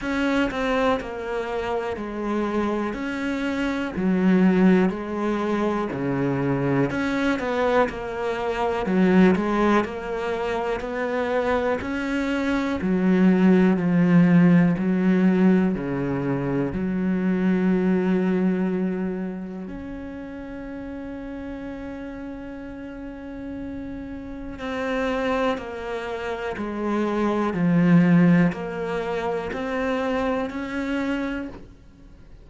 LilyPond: \new Staff \with { instrumentName = "cello" } { \time 4/4 \tempo 4 = 61 cis'8 c'8 ais4 gis4 cis'4 | fis4 gis4 cis4 cis'8 b8 | ais4 fis8 gis8 ais4 b4 | cis'4 fis4 f4 fis4 |
cis4 fis2. | cis'1~ | cis'4 c'4 ais4 gis4 | f4 ais4 c'4 cis'4 | }